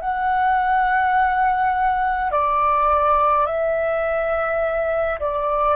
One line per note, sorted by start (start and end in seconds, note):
0.00 2.31 F#5
2.31 3.46 D5
3.46 5.19 E5
5.19 5.76 D5